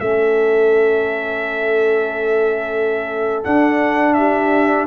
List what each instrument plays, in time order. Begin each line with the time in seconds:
0.00 tuba A3, trombone C#4, horn A4, trumpet E5
3.44 trombone D4, tuba D4, trumpet F#5
4.14 horn G4, trumpet E5